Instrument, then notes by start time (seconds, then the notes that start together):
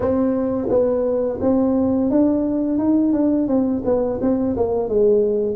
tuba
0.00 C4
0.69 B3
1.40 C4
2.10 D4
2.78 D#4
3.12 D4
3.47 C4
3.84 B3
4.21 C4
4.56 A#3
4.88 G#3